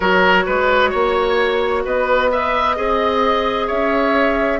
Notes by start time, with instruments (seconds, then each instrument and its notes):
0.00 bassoon F#3, clarinet F#4, oboe A#4, flute C#5
0.46 bassoon G#3, oboe B4
0.90 bassoon A#3, oboe C#5
1.84 bassoon B3, oboe B4, flute D#5
2.31 clarinet B4, oboe E5
2.76 bassoon C4, clarinet G#4, oboe D#5
3.67 bassoon C#4, oboe C#5, flute E5